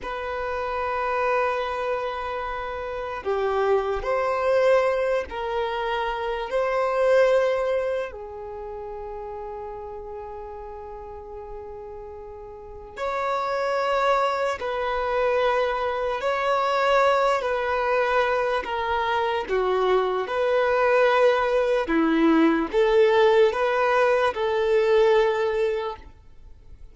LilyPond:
\new Staff \with { instrumentName = "violin" } { \time 4/4 \tempo 4 = 74 b'1 | g'4 c''4. ais'4. | c''2 gis'2~ | gis'1 |
cis''2 b'2 | cis''4. b'4. ais'4 | fis'4 b'2 e'4 | a'4 b'4 a'2 | }